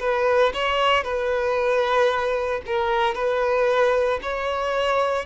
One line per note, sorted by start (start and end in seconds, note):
0.00 0.53 B4
0.54 1.04 C#5
1.04 2.62 B4
2.67 3.15 A#4
3.15 4.20 B4
4.22 5.26 C#5